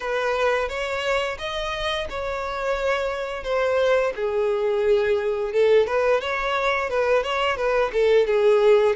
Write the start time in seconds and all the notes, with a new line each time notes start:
0.00 B4
0.68 C#5
1.38 D#5
2.09 C#5
3.43 C5
4.15 G#4
5.52 A4
5.87 B4
6.20 C#5
6.89 B4
7.23 C#5
7.56 B4
7.92 A4
8.26 G#4